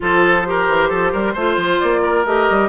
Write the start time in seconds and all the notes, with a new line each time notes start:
0.00 F3 F4 A4 C5
0.45 G4 A#4
0.68 E3
0.89 F3 A4
1.12 G3 A#4
1.33 A3 F4 C5
1.56 F3
1.79 A#3 D5
2.02 A#4
2.25 A3 G4 D#5
2.49 G3